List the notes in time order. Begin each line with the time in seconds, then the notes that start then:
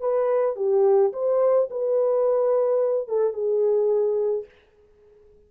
0.00 B4
0.56 G4
1.13 C5
1.70 B4
3.08 A4
3.33 G#4